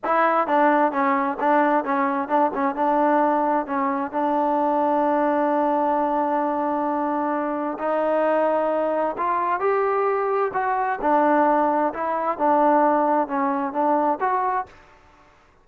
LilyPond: \new Staff \with { instrumentName = "trombone" } { \time 4/4 \tempo 4 = 131 e'4 d'4 cis'4 d'4 | cis'4 d'8 cis'8 d'2 | cis'4 d'2.~ | d'1~ |
d'4 dis'2. | f'4 g'2 fis'4 | d'2 e'4 d'4~ | d'4 cis'4 d'4 fis'4 | }